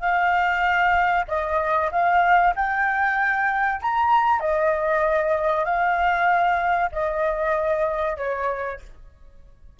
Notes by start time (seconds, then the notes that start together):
0.00 F5
1.28 D#5
1.91 F5
2.56 G5
3.82 A#5
4.40 D#5
5.65 F5
6.92 D#5
8.17 C#5